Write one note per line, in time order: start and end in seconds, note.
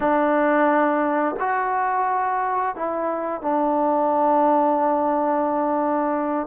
0.00 1.35 D4
1.39 2.75 F#4
2.75 3.41 E4
3.41 6.47 D4